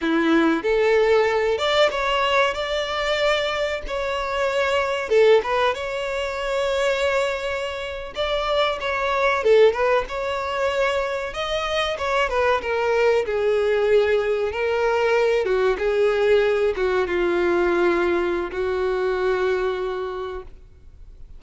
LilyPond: \new Staff \with { instrumentName = "violin" } { \time 4/4 \tempo 4 = 94 e'4 a'4. d''8 cis''4 | d''2 cis''2 | a'8 b'8 cis''2.~ | cis''8. d''4 cis''4 a'8 b'8 cis''16~ |
cis''4.~ cis''16 dis''4 cis''8 b'8 ais'16~ | ais'8. gis'2 ais'4~ ais'16~ | ais'16 fis'8 gis'4. fis'8 f'4~ f'16~ | f'4 fis'2. | }